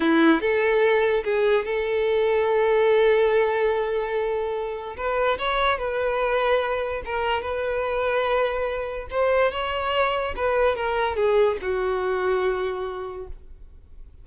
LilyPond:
\new Staff \with { instrumentName = "violin" } { \time 4/4 \tempo 4 = 145 e'4 a'2 gis'4 | a'1~ | a'1 | b'4 cis''4 b'2~ |
b'4 ais'4 b'2~ | b'2 c''4 cis''4~ | cis''4 b'4 ais'4 gis'4 | fis'1 | }